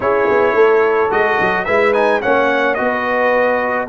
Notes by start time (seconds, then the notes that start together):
0.00 C#4 E4 G#4 C#5
0.29 B3
0.53 A3 A4
1.10 G#3 F#4 D#5
1.40 F#3
1.65 G#3 E4 B4 E5
1.93 D#4 G#5
2.21 A#3 C#4 C#5 F#5
2.74 B3 F#4 D#5
2.81 B4